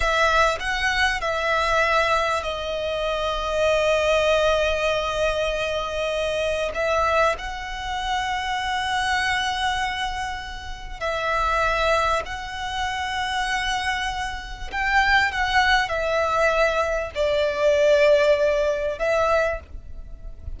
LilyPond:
\new Staff \with { instrumentName = "violin" } { \time 4/4 \tempo 4 = 98 e''4 fis''4 e''2 | dis''1~ | dis''2. e''4 | fis''1~ |
fis''2 e''2 | fis''1 | g''4 fis''4 e''2 | d''2. e''4 | }